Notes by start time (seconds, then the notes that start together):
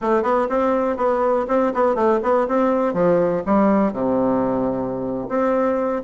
0.01 A3
0.23 B3
0.49 C4
0.97 B3
1.48 C4
1.73 B3
1.95 A3
2.22 B3
2.47 C4
2.93 F3
3.46 G3
3.93 C3
5.28 C4